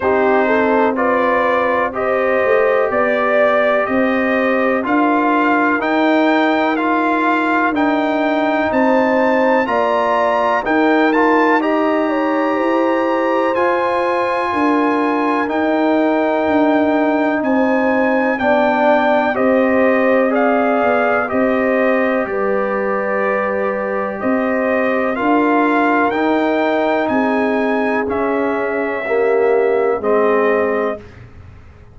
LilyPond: <<
  \new Staff \with { instrumentName = "trumpet" } { \time 4/4 \tempo 4 = 62 c''4 d''4 dis''4 d''4 | dis''4 f''4 g''4 f''4 | g''4 a''4 ais''4 g''8 a''8 | ais''2 gis''2 |
g''2 gis''4 g''4 | dis''4 f''4 dis''4 d''4~ | d''4 dis''4 f''4 g''4 | gis''4 e''2 dis''4 | }
  \new Staff \with { instrumentName = "horn" } { \time 4/4 g'8 a'8 b'4 c''4 d''4 | c''4 ais'2.~ | ais'4 c''4 d''4 ais'4 | dis''8 cis''8 c''2 ais'4~ |
ais'2 c''4 d''4 | c''4 d''4 c''4 b'4~ | b'4 c''4 ais'2 | gis'2 g'4 gis'4 | }
  \new Staff \with { instrumentName = "trombone" } { \time 4/4 dis'4 f'4 g'2~ | g'4 f'4 dis'4 f'4 | dis'2 f'4 dis'8 f'8 | g'2 f'2 |
dis'2. d'4 | g'4 gis'4 g'2~ | g'2 f'4 dis'4~ | dis'4 cis'4 ais4 c'4 | }
  \new Staff \with { instrumentName = "tuba" } { \time 4/4 c'2~ c'8 a8 b4 | c'4 d'4 dis'2 | d'4 c'4 ais4 dis'4~ | dis'4 e'4 f'4 d'4 |
dis'4 d'4 c'4 b4 | c'4. b8 c'4 g4~ | g4 c'4 d'4 dis'4 | c'4 cis'2 gis4 | }
>>